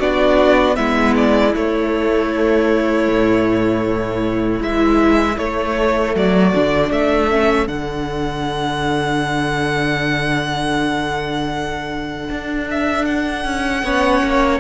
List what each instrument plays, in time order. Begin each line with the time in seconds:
0.00 cello B3, viola D4, violin F#4 D5
0.76 cello G#3, viola B3, violin E4 E5
1.17 violin D5
1.55 viola A3, cello A3, violin C#5
3.09 cello A2
4.61 viola E3, cello G#3, violin E5
5.38 cello A3, viola A3, violin C#5
6.15 cello F#3, violin F#4 D5
6.55 cello D3, viola D4
6.91 cello A3, violin A4 E5
7.31 viola C#4
7.68 cello D3, viola D4, violin F#5
12.31 cello D4
12.71 violin E5
13.06 violin F#5
13.46 cello C#4
13.84 cello B3, viola C#4, violin C#5
14.24 cello A#3